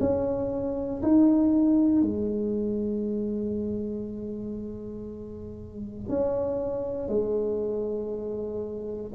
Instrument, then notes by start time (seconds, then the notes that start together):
tuba
0.00 C#4
1.03 D#4
2.02 G#3
6.09 C#4
7.09 G#3